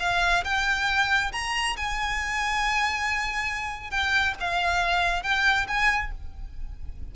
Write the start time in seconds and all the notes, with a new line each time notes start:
0.00 F5
0.44 G5
1.32 A#5
1.77 G#5
3.91 G5
4.40 F5
5.23 G5
5.68 G#5